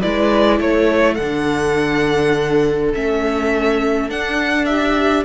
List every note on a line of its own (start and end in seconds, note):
0.00 0.60 G#3
0.00 1.19 E4
0.00 0.58 B4
0.00 0.60 D5
0.60 1.18 A3
0.60 4.69 A4
0.60 1.15 C#5
1.15 2.94 D3
1.15 2.94 D4
1.15 2.89 F#5
2.94 4.10 A3
2.94 4.10 C#4
2.94 4.10 E5
4.10 5.25 D4
4.10 4.65 F#5
4.65 5.25 G4
4.65 5.24 E5